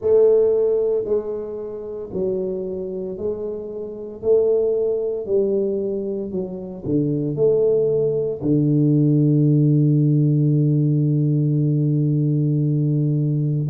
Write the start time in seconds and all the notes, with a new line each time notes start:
0.00 A3
1.04 G#3
2.12 F#3
3.17 G#3
4.22 A3
5.25 G3
6.31 F#3
6.85 D3
7.35 A3
8.41 D3